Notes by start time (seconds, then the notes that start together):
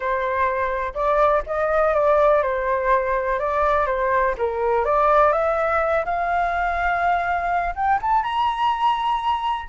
0.00 C5
0.94 D5
1.46 D#5
1.94 D5
2.42 C5
3.39 D5
3.86 C5
4.37 A#4
4.84 D5
5.32 E5
6.05 F5
7.75 G5
8.01 A5
8.23 A#5